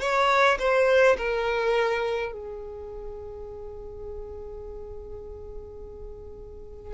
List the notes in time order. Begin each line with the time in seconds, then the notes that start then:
0.00 C#5
0.59 C5
1.17 A#4
2.32 G#4